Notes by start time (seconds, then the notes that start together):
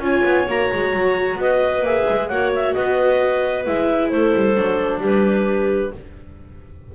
0.00 C#4 F4 C#5 G#5
0.25 B3
0.46 A#3 F#4 A#5
0.73 G#3
0.93 F#3
1.36 B3 B4 D#5
1.82 A#3 G#4 E5
2.09 G#3
2.29 A#3 F#4 C#5 F#5
2.55 E5
2.74 B3 B4 D#5
3.66 G#3 E4 E5
4.09 A3 A4 C5
4.35 G3
4.56 F#3 D4
5.00 G3 G4 B4